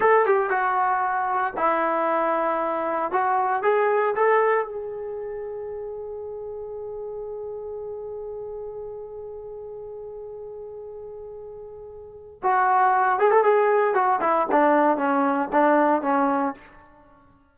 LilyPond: \new Staff \with { instrumentName = "trombone" } { \time 4/4 \tempo 4 = 116 a'8 g'8 fis'2 e'4~ | e'2 fis'4 gis'4 | a'4 gis'2.~ | gis'1~ |
gis'1~ | gis'1 | fis'4. gis'16 a'16 gis'4 fis'8 e'8 | d'4 cis'4 d'4 cis'4 | }